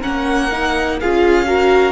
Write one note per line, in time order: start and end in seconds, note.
0.00 1.02 A#3
0.00 0.50 C#4
0.00 0.97 A#4
0.00 1.00 F#5
0.51 1.00 D#4
1.00 1.92 C#4
1.00 1.46 F4
1.00 1.47 G#4
1.00 1.92 F5
1.46 1.92 F#4
1.46 1.92 A#4